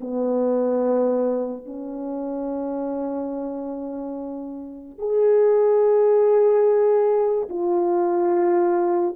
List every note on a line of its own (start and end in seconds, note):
0.00 1.66 B3
1.66 4.98 C#4
4.98 7.48 G#4
7.49 9.16 F4